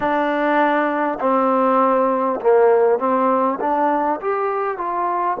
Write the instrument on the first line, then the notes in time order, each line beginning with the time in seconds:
trombone
0.00 D4
1.19 C4
2.41 A#3
2.98 C4
3.60 D4
4.21 G4
4.77 F4